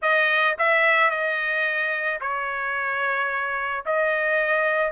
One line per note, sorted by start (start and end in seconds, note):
0.01 0.56 D#5
0.58 1.10 E5
1.10 2.19 D#5
2.20 3.84 C#5
3.85 4.92 D#5